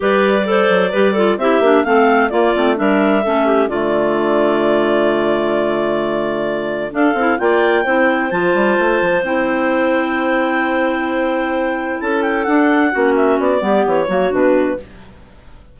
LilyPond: <<
  \new Staff \with { instrumentName = "clarinet" } { \time 4/4 \tempo 4 = 130 d''2. e''4 | f''4 d''4 e''2 | d''1~ | d''2. f''4 |
g''2 a''2 | g''1~ | g''2 a''8 g''8 fis''4~ | fis''8 e''8 d''4 cis''4 b'4 | }
  \new Staff \with { instrumentName = "clarinet" } { \time 4/4 b'4 c''4 b'8 a'8 g'4 | a'4 f'4 ais'4 a'8 g'8 | f'1~ | f'2. a'4 |
d''4 c''2.~ | c''1~ | c''2 a'2 | fis'4. g'4 fis'4. | }
  \new Staff \with { instrumentName = "clarinet" } { \time 4/4 g'4 a'4 g'8 f'8 e'8 d'8 | c'4 ais8 c'8 d'4 cis'4 | a1~ | a2. d'8 e'8 |
f'4 e'4 f'2 | e'1~ | e'2. d'4 | cis'4. b4 ais8 d'4 | }
  \new Staff \with { instrumentName = "bassoon" } { \time 4/4 g4. fis8 g4 c'8 ais8 | a4 ais8 a8 g4 a4 | d1~ | d2. d'8 c'8 |
ais4 c'4 f8 g8 a8 f8 | c'1~ | c'2 cis'4 d'4 | ais4 b8 g8 e8 fis8 b,4 | }
>>